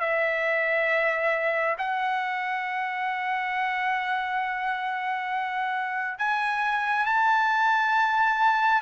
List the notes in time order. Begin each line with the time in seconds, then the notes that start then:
0.00 E5
1.78 F#5
6.18 G#5
7.06 A5